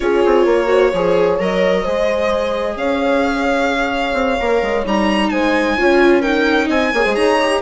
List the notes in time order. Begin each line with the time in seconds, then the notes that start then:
0.00 C#4 F4 G#4 C#5
0.25 C4
0.45 A#3 A#4
0.66 F#4 C5
0.90 F3 G#4 C#5
1.39 F#3 A#4 D#5
1.82 G#3 G#4 C5
2.76 C#4 C#5 F5
4.13 C4
4.40 A#3 A#4
4.62 G#3
4.85 G3 D#4 A#5
5.29 G#3 C5 G#5
5.76 C#4 F4 C#5
6.20 D#4 A#4 G5
6.66 C4 D#5 G#5
6.93 A#3 G#4 C#5
7.04 G#3 C5
7.15 D#4 C#5 A#5
7.40 G4